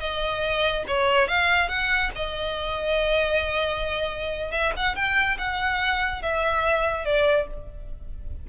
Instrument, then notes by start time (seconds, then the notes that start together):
violin
0.00 D#5
0.88 C#5
1.28 F5
1.69 F#5
2.16 D#5
4.52 E5
4.77 F#5
4.95 G5
5.38 F#5
6.22 E5
7.05 D5